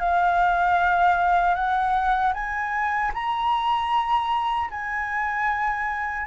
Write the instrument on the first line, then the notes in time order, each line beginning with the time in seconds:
flute
0.00 F5
1.55 F#5
2.34 G#5
3.14 A#5
4.71 G#5